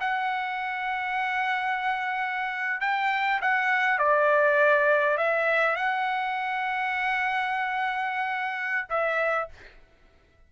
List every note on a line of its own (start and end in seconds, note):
0.00 2.80 F#5
2.80 3.40 G5
3.41 3.98 F#5
3.98 5.17 D5
5.17 5.75 E5
5.75 8.87 F#5
8.89 9.48 E5